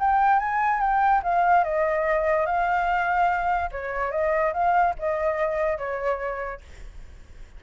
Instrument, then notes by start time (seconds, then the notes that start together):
flute
0.00 G5
0.39 G#5
0.81 G5
1.23 F5
1.64 D#5
2.46 F5
3.72 C#5
4.12 D#5
4.54 F5
4.99 D#5
5.78 C#5